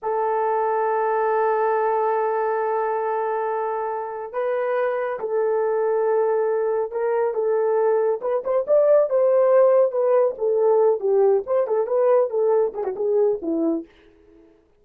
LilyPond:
\new Staff \with { instrumentName = "horn" } { \time 4/4 \tempo 4 = 139 a'1~ | a'1~ | a'2 b'2 | a'1 |
ais'4 a'2 b'8 c''8 | d''4 c''2 b'4 | a'4. g'4 c''8 a'8 b'8~ | b'8 a'4 gis'16 fis'16 gis'4 e'4 | }